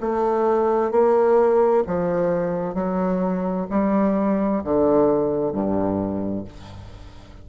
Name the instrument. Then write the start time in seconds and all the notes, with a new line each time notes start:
bassoon
0.00 A3
0.91 A#3
1.87 F3
2.74 F#3
3.70 G3
4.64 D3
5.52 G2